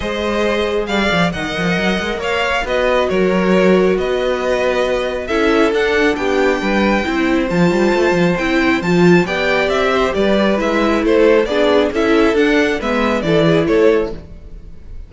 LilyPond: <<
  \new Staff \with { instrumentName = "violin" } { \time 4/4 \tempo 4 = 136 dis''2 f''4 fis''4~ | fis''4 f''4 dis''4 cis''4~ | cis''4 dis''2. | e''4 fis''4 g''2~ |
g''4 a''2 g''4 | a''4 g''4 e''4 d''4 | e''4 c''4 d''4 e''4 | fis''4 e''4 d''4 cis''4 | }
  \new Staff \with { instrumentName = "violin" } { \time 4/4 c''2 d''4 dis''4~ | dis''4 cis''4 b'4 ais'4~ | ais'4 b'2. | a'2 g'4 b'4 |
c''1~ | c''4 d''4. c''8 b'4~ | b'4 a'4 gis'4 a'4~ | a'4 b'4 a'8 gis'8 a'4 | }
  \new Staff \with { instrumentName = "viola" } { \time 4/4 gis'2. ais'4~ | ais'2 fis'2~ | fis'1 | e'4 d'2. |
e'4 f'2 e'4 | f'4 g'2. | e'2 d'4 e'4 | d'4 b4 e'2 | }
  \new Staff \with { instrumentName = "cello" } { \time 4/4 gis2 g8 f8 dis8 f8 | fis8 gis8 ais4 b4 fis4~ | fis4 b2. | cis'4 d'4 b4 g4 |
c'4 f8 g8 a8 f8 c'4 | f4 b4 c'4 g4 | gis4 a4 b4 cis'4 | d'4 gis4 e4 a4 | }
>>